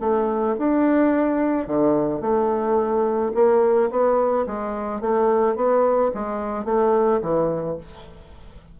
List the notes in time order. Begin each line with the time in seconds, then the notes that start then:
0.00 A3
0.58 D4
1.67 D3
2.21 A3
3.34 A#3
3.90 B3
4.46 G#3
5.01 A3
5.56 B3
6.14 G#3
6.65 A3
7.21 E3